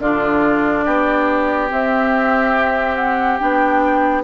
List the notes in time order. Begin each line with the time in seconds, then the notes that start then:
0.00 D3 D4 F4 D5
0.85 B3 G4
1.69 C4 E5
2.96 F#5
3.39 B3 D4 G5